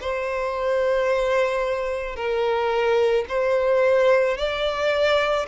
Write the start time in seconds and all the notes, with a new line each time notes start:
0.00 C5
2.15 A#4
3.28 C5
4.37 D5